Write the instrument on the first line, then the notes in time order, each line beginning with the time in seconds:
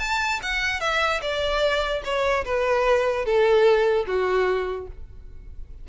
violin
0.00 A5
0.43 F#5
0.81 E5
1.22 D5
2.04 C#5
2.45 B4
3.25 A4
4.07 F#4